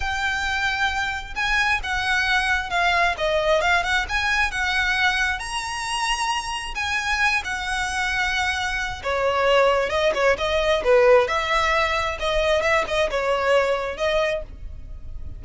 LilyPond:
\new Staff \with { instrumentName = "violin" } { \time 4/4 \tempo 4 = 133 g''2. gis''4 | fis''2 f''4 dis''4 | f''8 fis''8 gis''4 fis''2 | ais''2. gis''4~ |
gis''8 fis''2.~ fis''8 | cis''2 dis''8 cis''8 dis''4 | b'4 e''2 dis''4 | e''8 dis''8 cis''2 dis''4 | }